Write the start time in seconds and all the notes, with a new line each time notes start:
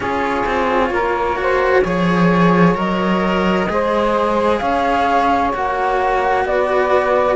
0.00 C#4 F4 G#4 C#5
0.46 C4
0.90 A#3 A#4
1.36 F#4 C5
1.83 F3 G#4 C#5
2.74 F#3 A#4 D#5
3.68 G#3 G#4 C5
4.58 C#4 C#5 F5
5.52 A#3 F#4 F#5
6.45 B3 B4 D5